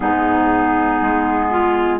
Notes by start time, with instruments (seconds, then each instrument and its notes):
0.00 bassoon G#2, clarinet B3 D#4, flute G#4
1.01 bassoon G#3
1.50 clarinet F4